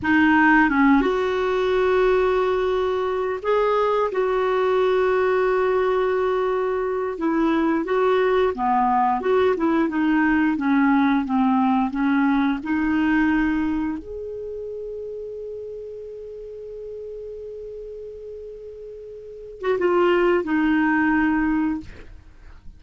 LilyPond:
\new Staff \with { instrumentName = "clarinet" } { \time 4/4 \tempo 4 = 88 dis'4 cis'8 fis'2~ fis'8~ | fis'4 gis'4 fis'2~ | fis'2~ fis'8 e'4 fis'8~ | fis'8 b4 fis'8 e'8 dis'4 cis'8~ |
cis'8 c'4 cis'4 dis'4.~ | dis'8 gis'2.~ gis'8~ | gis'1~ | gis'8. fis'16 f'4 dis'2 | }